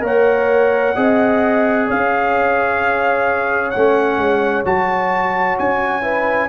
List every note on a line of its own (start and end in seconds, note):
0.00 0.94 A#3
0.00 0.92 A#4
0.00 0.95 C#5
0.00 1.90 F#5
0.95 1.89 C4
0.95 3.72 G#4
0.95 1.87 D#5
1.87 3.75 C#4
1.87 6.02 C#5
1.87 3.70 F5
3.70 4.17 A3
3.70 4.65 C#4
3.70 4.62 F#5
4.17 4.63 G#3
4.65 5.58 F#3
4.65 6.02 F#4
4.65 5.58 A5
5.58 6.49 C#4
5.58 6.49 G#5
6.02 6.48 E4
6.02 6.48 B4